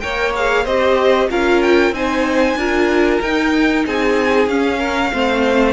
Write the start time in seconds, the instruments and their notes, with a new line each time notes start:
0.00 cello A#3, viola A#4, violin C#5 G5
0.36 viola G#4, violin F5
0.64 cello C4, viola G4, violin C5 D#5
1.30 cello C#4, viola F4, violin A#4 F5
1.62 violin G5
1.91 cello C4, viola D#4, violin C5 G#5
2.56 cello D4, viola F4, violin A#4
3.22 cello D#4, viola D#4, violin G5
3.86 cello C4, violin G#4 G#5
4.47 cello C#4, viola C#4, violin F5
4.79 violin A#4
5.13 cello A3, viola C4, violin C5